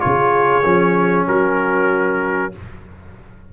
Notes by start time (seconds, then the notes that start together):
0.00 C#3 F4 G#4 C#5
0.65 F3 C#4
1.27 F#3 F#4 A#4